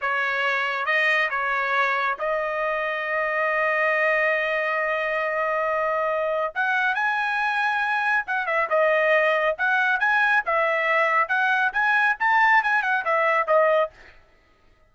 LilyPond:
\new Staff \with { instrumentName = "trumpet" } { \time 4/4 \tempo 4 = 138 cis''2 dis''4 cis''4~ | cis''4 dis''2.~ | dis''1~ | dis''2. fis''4 |
gis''2. fis''8 e''8 | dis''2 fis''4 gis''4 | e''2 fis''4 gis''4 | a''4 gis''8 fis''8 e''4 dis''4 | }